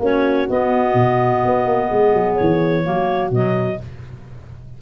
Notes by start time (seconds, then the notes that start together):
0.00 A#3 C#4 F#4 C#5
0.50 B3 D#5
0.94 B2
1.45 B3
1.66 A#3
1.88 G#3 G#4
2.14 F#3
2.36 E3 C#5
2.84 F#3 A#3 F#4
3.31 B2 F#3 D#5